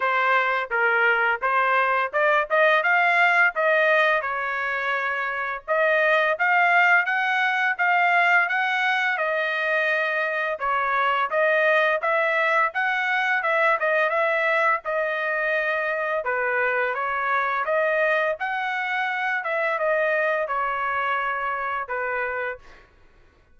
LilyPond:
\new Staff \with { instrumentName = "trumpet" } { \time 4/4 \tempo 4 = 85 c''4 ais'4 c''4 d''8 dis''8 | f''4 dis''4 cis''2 | dis''4 f''4 fis''4 f''4 | fis''4 dis''2 cis''4 |
dis''4 e''4 fis''4 e''8 dis''8 | e''4 dis''2 b'4 | cis''4 dis''4 fis''4. e''8 | dis''4 cis''2 b'4 | }